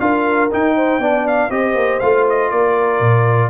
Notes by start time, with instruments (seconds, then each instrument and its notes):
0.00 tuba D4, trombone F4, horn A#4, trumpet F5
0.51 trombone D#4, tuba D#4, trumpet G5
0.76 horn C5
0.99 tuba B3, trombone D4, horn D5
1.28 trumpet F5
1.50 tuba C4, trombone G4, horn C5, trumpet D#5
1.75 tuba A#3
2.00 tuba A3, trombone F4, trumpet F5
2.30 trumpet D#5
2.51 tuba A#3, horn A#4, trumpet D5
3.00 tuba A#2